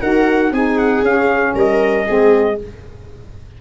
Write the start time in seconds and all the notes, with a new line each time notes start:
0.00 D#4 F#4 A#4 F#5
0.52 C4 D#4 G#4 G#5
0.78 F#5
1.02 C#4 F5
1.55 G3 A#4 D#5
2.06 G#3 C4 G#4